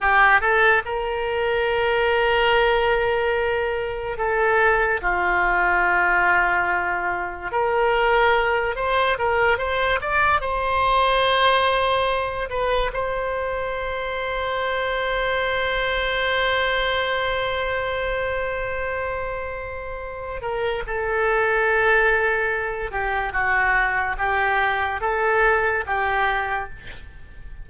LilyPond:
\new Staff \with { instrumentName = "oboe" } { \time 4/4 \tempo 4 = 72 g'8 a'8 ais'2.~ | ais'4 a'4 f'2~ | f'4 ais'4. c''8 ais'8 c''8 | d''8 c''2~ c''8 b'8 c''8~ |
c''1~ | c''1~ | c''8 ais'8 a'2~ a'8 g'8 | fis'4 g'4 a'4 g'4 | }